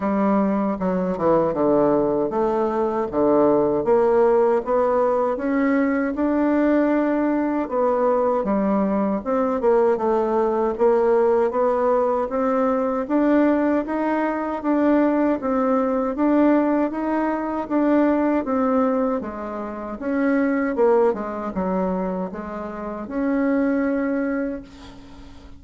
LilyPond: \new Staff \with { instrumentName = "bassoon" } { \time 4/4 \tempo 4 = 78 g4 fis8 e8 d4 a4 | d4 ais4 b4 cis'4 | d'2 b4 g4 | c'8 ais8 a4 ais4 b4 |
c'4 d'4 dis'4 d'4 | c'4 d'4 dis'4 d'4 | c'4 gis4 cis'4 ais8 gis8 | fis4 gis4 cis'2 | }